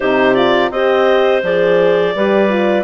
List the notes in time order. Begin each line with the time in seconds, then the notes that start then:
0.00 C3 D#4 G4 C5
0.34 F4 D5
0.70 C4 G4 C5 D#5
1.42 F3 G#4 D5
2.15 G3 G4 B4
2.49 F4